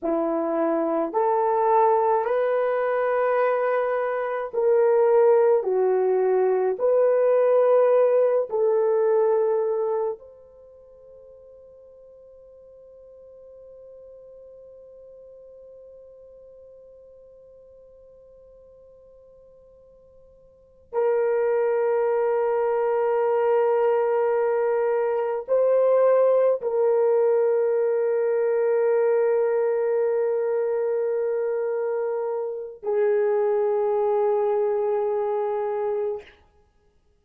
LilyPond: \new Staff \with { instrumentName = "horn" } { \time 4/4 \tempo 4 = 53 e'4 a'4 b'2 | ais'4 fis'4 b'4. a'8~ | a'4 c''2.~ | c''1~ |
c''2~ c''8 ais'4.~ | ais'2~ ais'8 c''4 ais'8~ | ais'1~ | ais'4 gis'2. | }